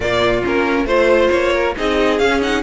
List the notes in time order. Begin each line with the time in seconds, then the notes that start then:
0.00 A#2 A#3 F4 D5
0.44 A#3 C#4 A#4
0.85 A3 F4 C5
1.31 A#3 C#5
1.53 A#4
1.76 C4 D#4 G#4 D#5
2.18 C#4 F5
2.41 D#4 F#5